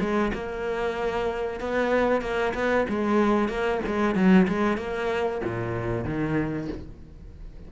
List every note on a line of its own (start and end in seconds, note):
0.00 0.32 G#3
0.33 1.60 A#3
1.60 2.22 B3
2.22 2.54 A#3
2.54 2.86 B3
2.89 3.49 G#3
3.49 3.81 A#3
3.86 4.15 G#3
4.15 4.47 F#3
4.48 4.78 G#3
4.78 5.41 A#3
5.44 6.05 A#2
6.05 6.68 D#3